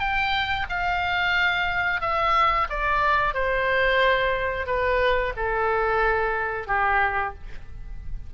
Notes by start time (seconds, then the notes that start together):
0.00 G5
0.69 F5
2.01 E5
2.70 D5
3.34 C5
4.67 B4
5.36 A4
6.67 G4